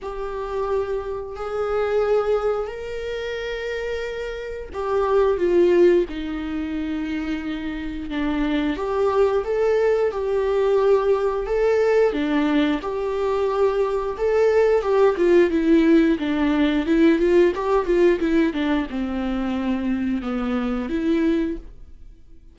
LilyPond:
\new Staff \with { instrumentName = "viola" } { \time 4/4 \tempo 4 = 89 g'2 gis'2 | ais'2. g'4 | f'4 dis'2. | d'4 g'4 a'4 g'4~ |
g'4 a'4 d'4 g'4~ | g'4 a'4 g'8 f'8 e'4 | d'4 e'8 f'8 g'8 f'8 e'8 d'8 | c'2 b4 e'4 | }